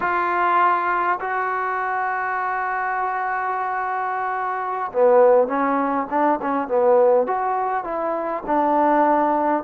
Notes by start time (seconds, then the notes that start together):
0.00 F4
1.20 F#4
4.92 B3
5.47 C#4
6.09 D4
6.41 C#4
6.68 B3
7.26 F#4
7.84 E4
8.46 D4